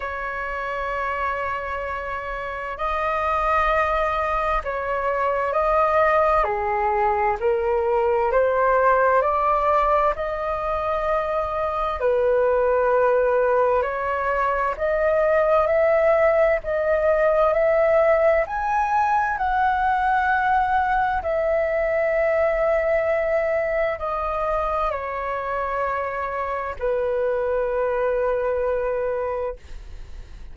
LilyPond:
\new Staff \with { instrumentName = "flute" } { \time 4/4 \tempo 4 = 65 cis''2. dis''4~ | dis''4 cis''4 dis''4 gis'4 | ais'4 c''4 d''4 dis''4~ | dis''4 b'2 cis''4 |
dis''4 e''4 dis''4 e''4 | gis''4 fis''2 e''4~ | e''2 dis''4 cis''4~ | cis''4 b'2. | }